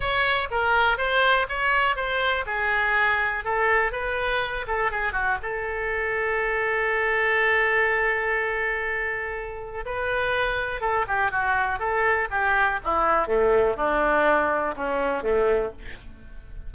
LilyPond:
\new Staff \with { instrumentName = "oboe" } { \time 4/4 \tempo 4 = 122 cis''4 ais'4 c''4 cis''4 | c''4 gis'2 a'4 | b'4. a'8 gis'8 fis'8 a'4~ | a'1~ |
a'1 | b'2 a'8 g'8 fis'4 | a'4 g'4 e'4 a4 | d'2 cis'4 a4 | }